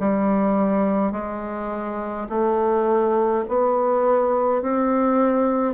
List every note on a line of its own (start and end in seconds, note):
0.00 1.12 G3
1.12 2.28 G#3
2.30 3.45 A3
3.49 4.63 B3
4.63 5.74 C4